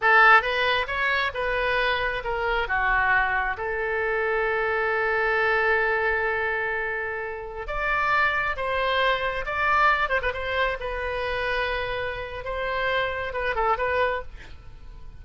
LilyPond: \new Staff \with { instrumentName = "oboe" } { \time 4/4 \tempo 4 = 135 a'4 b'4 cis''4 b'4~ | b'4 ais'4 fis'2 | a'1~ | a'1~ |
a'4~ a'16 d''2 c''8.~ | c''4~ c''16 d''4. c''16 b'16 c''8.~ | c''16 b'2.~ b'8. | c''2 b'8 a'8 b'4 | }